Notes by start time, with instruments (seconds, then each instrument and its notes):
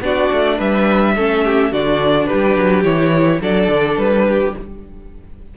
0.00 cello B3, viola D4, violin F#4 D5
0.32 cello A3
0.57 cello G3, violin B4 E5
1.16 cello A3, viola C#4, violin A4
1.44 violin G4
1.71 cello D3, viola D4, violin F#4 D5
2.26 violin G4 B4
2.33 cello G3
2.56 cello F#3
2.83 cello E3, viola E4, violin C#5
3.41 cello F#3, viola D4, violin A4 D5
3.68 cello D3
3.97 cello G3, violin B4
4.28 violin G4